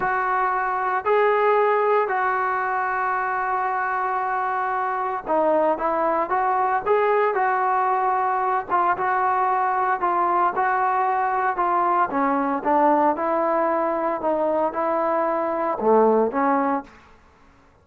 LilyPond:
\new Staff \with { instrumentName = "trombone" } { \time 4/4 \tempo 4 = 114 fis'2 gis'2 | fis'1~ | fis'2 dis'4 e'4 | fis'4 gis'4 fis'2~ |
fis'8 f'8 fis'2 f'4 | fis'2 f'4 cis'4 | d'4 e'2 dis'4 | e'2 a4 cis'4 | }